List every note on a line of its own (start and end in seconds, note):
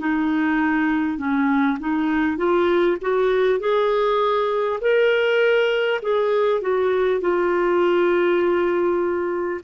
0.00 1.18 D#4
1.18 1.78 C#4
1.80 2.37 D#4
2.37 2.97 F4
3.02 3.59 F#4
3.59 4.79 G#4
4.81 6.01 A#4
6.02 6.62 G#4
6.62 7.21 F#4
7.21 9.61 F4